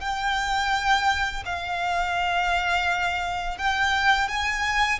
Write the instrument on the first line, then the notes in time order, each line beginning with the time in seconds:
violin
0.00 G5
1.45 F5
3.57 G5
4.28 G#5